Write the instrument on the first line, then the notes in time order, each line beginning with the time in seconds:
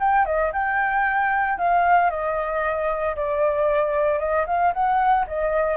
flute
0.00 G5
0.26 D#5
0.53 G5
1.59 F5
2.10 D#5
3.16 D5
4.19 D#5
4.47 F5
4.74 F#5
5.27 D#5